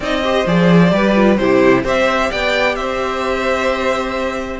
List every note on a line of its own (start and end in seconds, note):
0.00 0.43 C4
0.00 0.23 D#4
0.00 0.21 D5
0.00 0.47 D#5
0.23 0.46 G4
0.23 0.93 C5
0.46 0.92 F3
0.46 0.90 G#4
0.46 1.36 D5
0.90 1.38 G3
0.90 1.13 G4
0.90 1.40 B4
1.15 1.38 F4
1.36 1.84 C3
1.36 1.84 E4
1.36 1.84 G4
1.36 1.83 C5
1.84 2.30 C4
1.84 4.60 G4
1.84 2.30 C5
1.84 2.31 E5
2.30 2.76 B3
2.30 2.76 D5
2.30 2.75 G5
2.75 4.60 C4
2.75 4.60 C5
2.75 4.59 E5